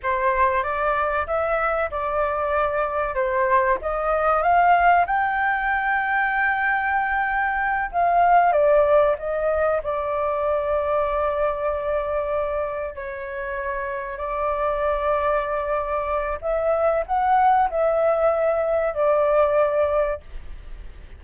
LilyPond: \new Staff \with { instrumentName = "flute" } { \time 4/4 \tempo 4 = 95 c''4 d''4 e''4 d''4~ | d''4 c''4 dis''4 f''4 | g''1~ | g''8 f''4 d''4 dis''4 d''8~ |
d''1~ | d''8 cis''2 d''4.~ | d''2 e''4 fis''4 | e''2 d''2 | }